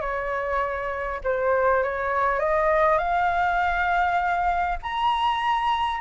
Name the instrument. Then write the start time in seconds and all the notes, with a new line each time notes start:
flute
0.00 C#5
1.24 C5
1.83 C#5
2.39 D#5
2.98 F5
4.82 A#5